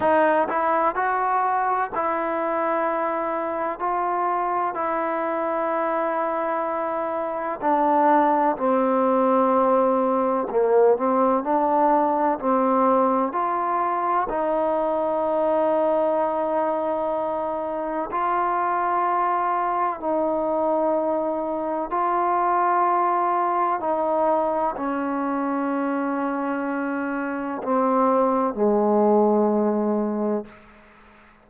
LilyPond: \new Staff \with { instrumentName = "trombone" } { \time 4/4 \tempo 4 = 63 dis'8 e'8 fis'4 e'2 | f'4 e'2. | d'4 c'2 ais8 c'8 | d'4 c'4 f'4 dis'4~ |
dis'2. f'4~ | f'4 dis'2 f'4~ | f'4 dis'4 cis'2~ | cis'4 c'4 gis2 | }